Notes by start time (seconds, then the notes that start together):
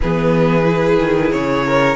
0.01 E3 B3 G#4 B4
0.64 E4
0.99 D#3
1.31 C#3 C#5
1.66 A#4